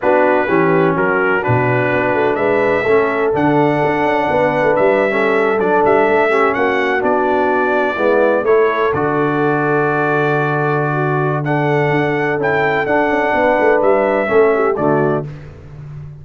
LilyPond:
<<
  \new Staff \with { instrumentName = "trumpet" } { \time 4/4 \tempo 4 = 126 b'2 ais'4 b'4~ | b'4 e''2 fis''4~ | fis''2 e''4.~ e''16 d''16~ | d''16 e''4. fis''4 d''4~ d''16~ |
d''4.~ d''16 cis''4 d''4~ d''16~ | d''1 | fis''2 g''4 fis''4~ | fis''4 e''2 d''4 | }
  \new Staff \with { instrumentName = "horn" } { \time 4/4 fis'4 g'4 fis'2~ | fis'4 b'4 a'2~ | a'4 b'4.~ b'16 a'4~ a'16~ | a'4~ a'16 g'8 fis'2~ fis'16~ |
fis'8. e'4 a'2~ a'16~ | a'2. fis'4 | a'1 | b'2 a'8 g'8 fis'4 | }
  \new Staff \with { instrumentName = "trombone" } { \time 4/4 d'4 cis'2 d'4~ | d'2 cis'4 d'4~ | d'2~ d'8. cis'4 d'16~ | d'4~ d'16 cis'4. d'4~ d'16~ |
d'8. b4 e'4 fis'4~ fis'16~ | fis'1 | d'2 e'4 d'4~ | d'2 cis'4 a4 | }
  \new Staff \with { instrumentName = "tuba" } { \time 4/4 b4 e4 fis4 b,4 | b8 a8 gis4 a4 d4 | d'8 cis'8 b8. a16 g4.~ g16 fis16~ | fis16 g8 a4 ais4 b4~ b16~ |
b8. gis4 a4 d4~ d16~ | d1~ | d4 d'4 cis'4 d'8 cis'8 | b8 a8 g4 a4 d4 | }
>>